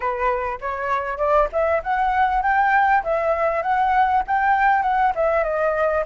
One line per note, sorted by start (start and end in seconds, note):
0.00 0.58 B4
0.60 1.17 C#5
1.17 1.47 D5
1.52 1.82 E5
1.83 2.42 F#5
2.42 3.03 G5
3.03 3.62 E5
3.62 4.23 F#5
4.27 4.82 G5
4.82 5.12 F#5
5.15 5.43 E5
5.43 6.04 D#5